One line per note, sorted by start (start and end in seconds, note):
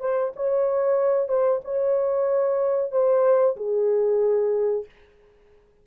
0.00 0.32 C5
0.36 1.28 C#5
1.28 1.61 C5
1.64 2.91 C#5
2.91 3.56 C5
3.56 4.85 G#4